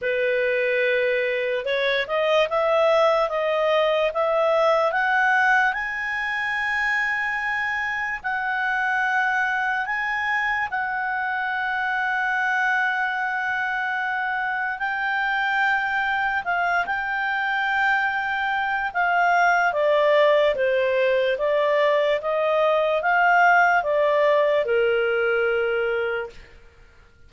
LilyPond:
\new Staff \with { instrumentName = "clarinet" } { \time 4/4 \tempo 4 = 73 b'2 cis''8 dis''8 e''4 | dis''4 e''4 fis''4 gis''4~ | gis''2 fis''2 | gis''4 fis''2.~ |
fis''2 g''2 | f''8 g''2~ g''8 f''4 | d''4 c''4 d''4 dis''4 | f''4 d''4 ais'2 | }